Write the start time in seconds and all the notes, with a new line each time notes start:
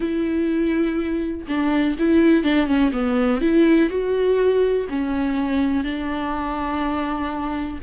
0.00 E4
1.47 D4
1.98 E4
2.43 D4
2.66 C#4
2.92 B3
3.41 E4
3.89 F#4
4.89 C#4
5.84 D4